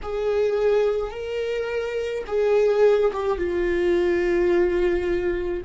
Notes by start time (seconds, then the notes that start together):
0.02 G#4
1.10 A#4
2.26 G#4
3.12 G4
3.37 F4